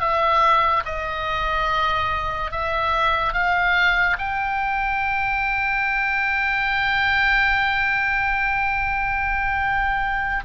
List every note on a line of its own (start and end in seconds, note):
0.00 0.83 E5
0.85 2.52 D#5
2.52 3.33 E5
3.33 4.17 F5
4.19 10.44 G5